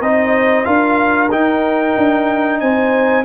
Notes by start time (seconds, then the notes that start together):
0.00 C4 D#4 C5 D#5
0.65 D4 F4 A#4 F5
1.30 D#4 G5
1.97 D4
2.59 C4 C5 G#5